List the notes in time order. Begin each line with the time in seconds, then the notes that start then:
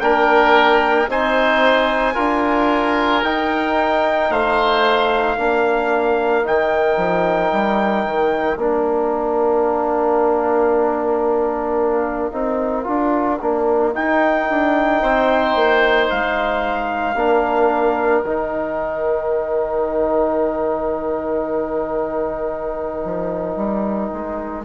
0.00 A#3 D4 A#4 G5
1.08 C4 D#4 C5 G#5
2.15 D4 F4 A#4
3.23 D#4 G5
4.30 A3 C5 F5
5.37 A#3 D4 A#4
6.43 D#3 D#4 G5
6.97 F3
7.52 G3
8.05 D#3
8.56 A#3 D4 F5
12.32 C4 D#4
12.83 D4 F4
13.41 A#3 D4
13.94 D#4 G5
14.50 D4
15.02 C4 C5
15.55 A#3
16.10 G#3 F5
17.15 A#3 D4 A#4
18.22 D#3 D#4 G5
23.04 F3
23.56 G3
24.13 G#3